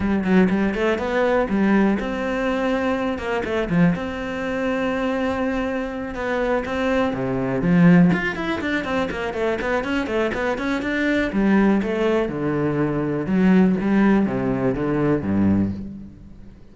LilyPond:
\new Staff \with { instrumentName = "cello" } { \time 4/4 \tempo 4 = 122 g8 fis8 g8 a8 b4 g4 | c'2~ c'8 ais8 a8 f8 | c'1~ | c'8 b4 c'4 c4 f8~ |
f8 f'8 e'8 d'8 c'8 ais8 a8 b8 | cis'8 a8 b8 cis'8 d'4 g4 | a4 d2 fis4 | g4 c4 d4 g,4 | }